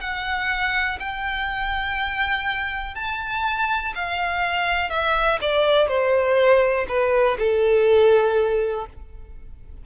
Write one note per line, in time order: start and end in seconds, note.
0.00 0.98 F#5
0.99 2.95 G5
2.95 3.93 A5
3.95 4.90 F5
4.90 5.39 E5
5.41 5.87 D5
5.87 6.86 C5
6.88 7.37 B4
7.39 8.86 A4